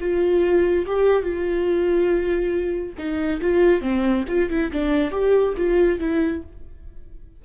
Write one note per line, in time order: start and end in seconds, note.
0.00 0.86 F4
0.86 1.22 G4
1.22 2.94 F4
2.98 3.41 D#4
3.41 3.81 F4
3.81 4.24 C4
4.28 4.50 F4
4.50 4.71 E4
4.72 5.11 D4
5.11 5.54 G4
5.57 5.99 F4
5.99 6.42 E4